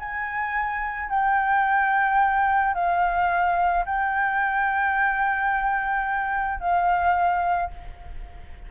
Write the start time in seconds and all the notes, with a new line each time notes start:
0.00 G#5
1.10 G5
2.75 F5
3.86 G5
6.60 F5